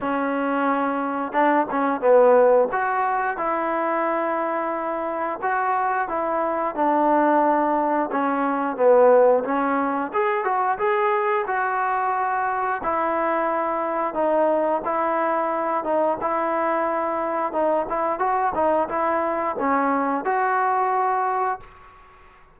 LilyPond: \new Staff \with { instrumentName = "trombone" } { \time 4/4 \tempo 4 = 89 cis'2 d'8 cis'8 b4 | fis'4 e'2. | fis'4 e'4 d'2 | cis'4 b4 cis'4 gis'8 fis'8 |
gis'4 fis'2 e'4~ | e'4 dis'4 e'4. dis'8 | e'2 dis'8 e'8 fis'8 dis'8 | e'4 cis'4 fis'2 | }